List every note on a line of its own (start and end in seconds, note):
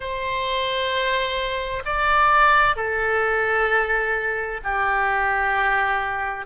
0.00 1.82 C5
1.85 2.76 D5
2.76 4.60 A4
4.63 6.46 G4